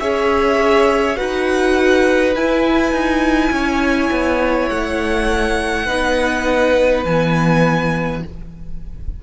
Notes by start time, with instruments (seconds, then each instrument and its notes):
0.00 cello C#4, viola G#4, violin C#5 E5
1.16 cello D#4, viola F#4, violin B4 F#5
2.36 viola E4, cello E4, violin G#5
2.92 cello D#4
3.51 cello C#4, violin C#5
4.11 cello B3
4.69 cello A3, violin F#5
5.86 cello B3, viola D#4, violin B4
7.05 cello E3, viola B3, violin G#5